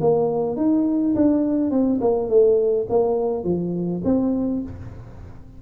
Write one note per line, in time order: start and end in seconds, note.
0.00 0.56 A#3
0.56 1.14 D#4
1.15 1.70 D4
1.70 1.99 C4
2.01 2.29 A#3
2.29 2.86 A3
2.89 3.44 A#3
3.44 4.01 F3
4.04 4.62 C4